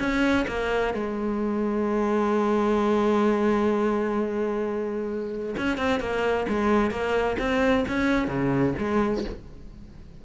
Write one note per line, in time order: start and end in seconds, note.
0.00 0.46 C#4
0.48 0.94 A#3
0.94 5.56 G#3
5.57 5.78 C#4
5.78 6.01 C4
6.01 6.47 A#3
6.49 6.91 G#3
6.91 7.37 A#3
7.39 7.85 C4
7.88 8.28 C#4
8.28 8.74 C#3
8.79 9.25 G#3